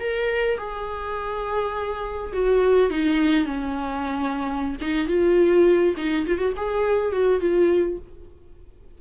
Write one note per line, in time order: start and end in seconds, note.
0.00 0.58 A#4
0.58 2.33 G#4
2.33 2.90 F#4
2.90 3.45 D#4
3.45 4.76 C#4
4.81 5.07 D#4
5.07 5.95 F4
5.97 6.26 D#4
6.27 6.38 F4
6.38 6.53 F#4
6.57 7.12 G#4
7.12 7.40 F#4
7.40 7.99 F4